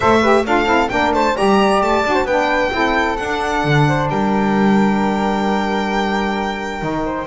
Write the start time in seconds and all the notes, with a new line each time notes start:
0.00 A3 A4 C5 E5
0.20 G4 B4
0.45 D4 F4 A4 F5
0.65 C4 E4
0.89 A#3 D4 A#4 G5
1.13 A3 C5 A5
1.36 G3 G4 D5 A#5
1.81 A3 A5
2.05 D4 F#4
2.13 C5
2.24 B3 D4 B4 G5
2.71 C4 E4 A4
3.17 D4 F#5
3.64 D3
3.88 C5
4.09 G3 A#4 G5
6.80 D#3 D#4
7.05 C5